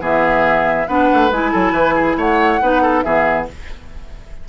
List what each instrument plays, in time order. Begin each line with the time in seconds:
0.00 bassoon E3, clarinet B3, oboe G#4, flute E5
0.88 bassoon B3, clarinet D4, oboe B4, flute F#5
1.13 bassoon A3
1.31 bassoon G#3, clarinet E4, flute G#5
1.52 bassoon F#3, oboe A4
1.72 bassoon E3, oboe B4
1.95 oboe G#4
2.17 bassoon A3, oboe C#5, flute F#5
2.61 bassoon B3, clarinet D#4, oboe B4
2.82 oboe A4
3.02 bassoon E3, clarinet B3, oboe G#4, flute E5